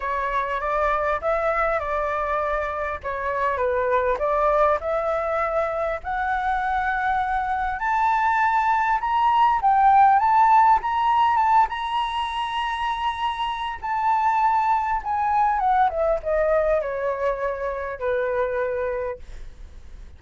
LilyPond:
\new Staff \with { instrumentName = "flute" } { \time 4/4 \tempo 4 = 100 cis''4 d''4 e''4 d''4~ | d''4 cis''4 b'4 d''4 | e''2 fis''2~ | fis''4 a''2 ais''4 |
g''4 a''4 ais''4 a''8 ais''8~ | ais''2. a''4~ | a''4 gis''4 fis''8 e''8 dis''4 | cis''2 b'2 | }